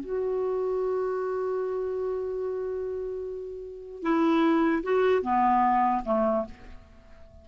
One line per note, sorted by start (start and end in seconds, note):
0.00 4.02 F#4
4.02 4.83 E4
4.83 5.23 F#4
5.23 6.03 B3
6.05 6.45 A3